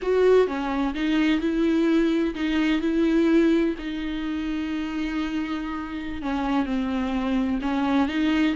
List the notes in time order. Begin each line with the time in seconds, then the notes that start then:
0.01 F#4
0.47 C#4
0.94 D#4
1.40 E4
2.34 D#4
2.81 E4
3.78 D#4
6.22 C#4
6.65 C4
7.61 C#4
8.08 D#4